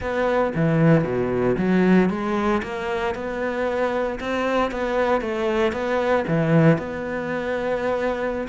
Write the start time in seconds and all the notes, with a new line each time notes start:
0.00 B3
0.55 E3
1.04 B2
1.57 F#3
2.09 G#3
2.63 A#3
3.14 B3
4.20 C4
4.71 B3
5.21 A3
5.72 B3
6.27 E3
6.78 B3